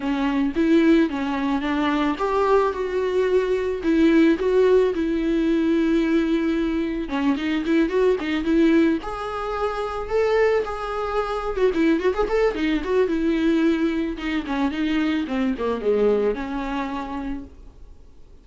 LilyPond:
\new Staff \with { instrumentName = "viola" } { \time 4/4 \tempo 4 = 110 cis'4 e'4 cis'4 d'4 | g'4 fis'2 e'4 | fis'4 e'2.~ | e'4 cis'8 dis'8 e'8 fis'8 dis'8 e'8~ |
e'8 gis'2 a'4 gis'8~ | gis'4~ gis'16 fis'16 e'8 fis'16 gis'16 a'8 dis'8 fis'8 | e'2 dis'8 cis'8 dis'4 | c'8 ais8 gis4 cis'2 | }